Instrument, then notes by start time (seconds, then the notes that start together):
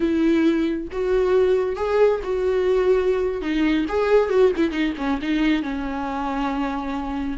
viola
0.00 E4
0.91 F#4
1.76 G#4
2.23 F#4
3.41 D#4
3.88 G#4
4.29 F#4
4.56 E4
4.71 D#4
4.97 C#4
5.21 D#4
5.62 C#4